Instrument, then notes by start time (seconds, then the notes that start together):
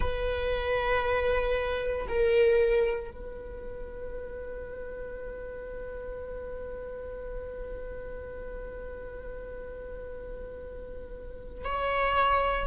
viola
0.00 B4
2.08 A#4
3.11 B4
11.64 C#5